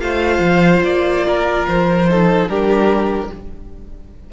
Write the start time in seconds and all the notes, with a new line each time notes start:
0.00 A3 F4 C5 F5
0.39 F3
0.84 A#3 D5
1.27 A#4
1.67 F3 C5
2.09 D#4 A4
2.48 G3 D4 G4 A#4